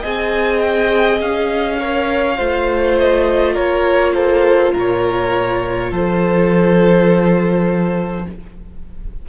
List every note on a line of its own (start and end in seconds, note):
0.00 1.21 C4
0.00 1.79 G#4
0.00 1.76 D#5
0.00 0.60 G#5
0.60 1.19 G5
1.21 2.39 C#4
1.21 2.98 F5
1.79 2.36 A#4
1.79 2.38 C#5
2.36 3.57 A3
2.36 8.25 F4
2.36 3.54 C5
3.00 3.56 D#5
3.54 4.75 A#3
3.54 4.12 A#4
3.54 4.14 C#5
4.14 4.73 A4
4.14 4.73 C5
4.73 5.91 A#2
4.73 5.91 A#4
4.73 5.93 C#5
5.91 8.27 F3
5.91 8.26 A4
5.91 8.29 C5